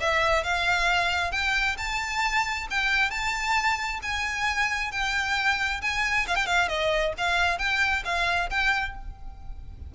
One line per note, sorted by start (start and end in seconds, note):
0.00 0.44 E5
0.44 1.32 F5
1.32 1.76 G5
1.78 2.67 A5
2.70 3.10 G5
3.10 4.00 A5
4.03 4.92 G#5
4.92 5.81 G5
5.82 6.26 G#5
6.27 6.36 F5
6.36 6.47 G5
6.47 6.68 F5
6.68 7.13 D#5
7.18 7.58 F5
7.58 8.03 G5
8.05 8.50 F5
8.50 8.95 G5